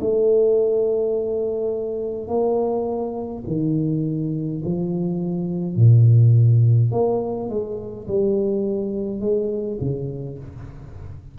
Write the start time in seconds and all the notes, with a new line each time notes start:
0.00 A3
2.28 A#3
3.47 D#3
4.65 F3
5.76 A#2
6.91 A#3
7.49 G#3
8.07 G3
9.20 G#3
9.80 C#3